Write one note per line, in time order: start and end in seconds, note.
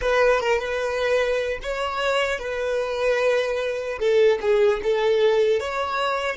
0.01 0.40 B4
0.40 0.58 A#4
0.58 1.58 B4
1.62 2.39 C#5
2.39 3.99 B4
3.99 4.39 A4
4.41 4.81 G#4
4.83 5.60 A4
5.60 6.36 C#5